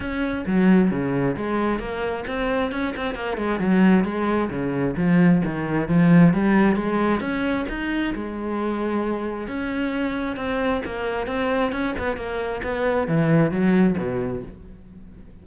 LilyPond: \new Staff \with { instrumentName = "cello" } { \time 4/4 \tempo 4 = 133 cis'4 fis4 cis4 gis4 | ais4 c'4 cis'8 c'8 ais8 gis8 | fis4 gis4 cis4 f4 | dis4 f4 g4 gis4 |
cis'4 dis'4 gis2~ | gis4 cis'2 c'4 | ais4 c'4 cis'8 b8 ais4 | b4 e4 fis4 b,4 | }